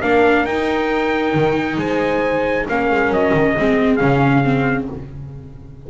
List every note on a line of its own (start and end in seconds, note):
0.00 0.46 A#3
0.00 0.48 D4
0.00 1.76 A#4
0.00 0.46 F5
0.46 1.34 D#4
0.46 2.69 D#4
0.46 1.78 G5
1.34 1.78 D#3
1.78 2.66 G#3
1.78 2.68 C5
1.78 2.67 G#5
2.69 2.92 A#3
2.69 3.57 C#4
2.69 3.57 A#4
2.69 3.13 F5
2.92 3.10 G#3
3.10 3.32 F#3
3.10 3.97 D#5
3.34 3.56 D#3
3.58 4.01 G#3
3.58 4.00 C4
3.58 4.90 G#4
3.97 4.90 C#3
3.97 4.44 C#4
3.97 4.85 F5
4.44 4.88 C4